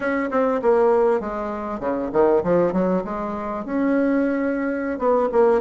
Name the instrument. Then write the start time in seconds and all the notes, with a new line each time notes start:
bassoon
0.00 C#4
0.30 C4
0.62 A#3
1.20 G#3
1.79 C#3
2.12 D#3
2.43 F3
2.72 F#3
3.04 G#3
3.65 C#4
4.98 B3
5.32 A#3